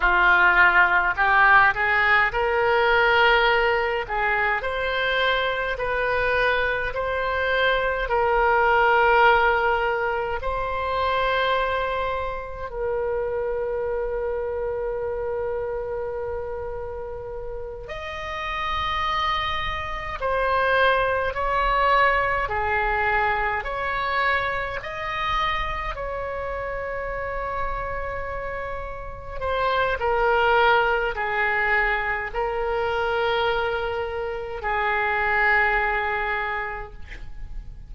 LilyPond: \new Staff \with { instrumentName = "oboe" } { \time 4/4 \tempo 4 = 52 f'4 g'8 gis'8 ais'4. gis'8 | c''4 b'4 c''4 ais'4~ | ais'4 c''2 ais'4~ | ais'2.~ ais'8 dis''8~ |
dis''4. c''4 cis''4 gis'8~ | gis'8 cis''4 dis''4 cis''4.~ | cis''4. c''8 ais'4 gis'4 | ais'2 gis'2 | }